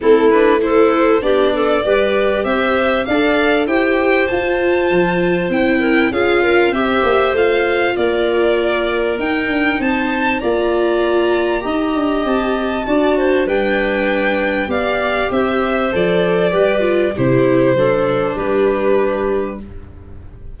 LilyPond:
<<
  \new Staff \with { instrumentName = "violin" } { \time 4/4 \tempo 4 = 98 a'8 b'8 c''4 d''2 | e''4 f''4 g''4 a''4~ | a''4 g''4 f''4 e''4 | f''4 d''2 g''4 |
a''4 ais''2. | a''2 g''2 | f''4 e''4 d''2 | c''2 b'2 | }
  \new Staff \with { instrumentName = "clarinet" } { \time 4/4 e'4 a'4 g'8 a'8 b'4 | c''4 d''4 c''2~ | c''4. ais'8 gis'8 ais'8 c''4~ | c''4 ais'2. |
c''4 d''2 dis''4~ | dis''4 d''8 c''8 b'2 | d''4 c''2 b'4 | g'4 a'4 g'2 | }
  \new Staff \with { instrumentName = "viola" } { \time 4/4 c'8 d'8 e'4 d'4 g'4~ | g'4 a'4 g'4 f'4~ | f'4 e'4 f'4 g'4 | f'2. dis'4~ |
dis'4 f'2 g'4~ | g'4 fis'4 d'2 | g'2 a'4 g'8 f'8 | e'4 d'2. | }
  \new Staff \with { instrumentName = "tuba" } { \time 4/4 a2 b4 g4 | c'4 d'4 e'4 f'4 | f4 c'4 cis'4 c'8 ais8 | a4 ais2 dis'8 d'8 |
c'4 ais2 dis'8 d'8 | c'4 d'4 g2 | b4 c'4 f4 g4 | c4 fis4 g2 | }
>>